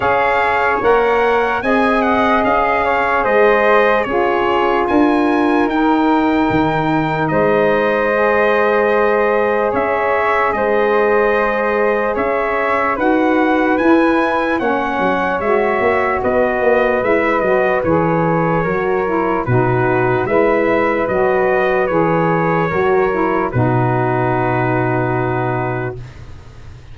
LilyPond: <<
  \new Staff \with { instrumentName = "trumpet" } { \time 4/4 \tempo 4 = 74 f''4 fis''4 gis''8 fis''8 f''4 | dis''4 cis''4 gis''4 g''4~ | g''4 dis''2. | e''4 dis''2 e''4 |
fis''4 gis''4 fis''4 e''4 | dis''4 e''8 dis''8 cis''2 | b'4 e''4 dis''4 cis''4~ | cis''4 b'2. | }
  \new Staff \with { instrumentName = "flute" } { \time 4/4 cis''2 dis''4. cis''8 | c''4 gis'4 ais'2~ | ais'4 c''2. | cis''4 c''2 cis''4 |
b'2 cis''2 | b'2. ais'4 | fis'4 b'2. | ais'4 fis'2. | }
  \new Staff \with { instrumentName = "saxophone" } { \time 4/4 gis'4 ais'4 gis'2~ | gis'4 f'2 dis'4~ | dis'2 gis'2~ | gis'1 |
fis'4 e'4 cis'4 fis'4~ | fis'4 e'8 fis'8 gis'4 fis'8 e'8 | dis'4 e'4 fis'4 gis'4 | fis'8 e'8 dis'2. | }
  \new Staff \with { instrumentName = "tuba" } { \time 4/4 cis'4 ais4 c'4 cis'4 | gis4 cis'4 d'4 dis'4 | dis4 gis2. | cis'4 gis2 cis'4 |
dis'4 e'4 ais8 fis8 gis8 ais8 | b8 ais8 gis8 fis8 e4 fis4 | b,4 gis4 fis4 e4 | fis4 b,2. | }
>>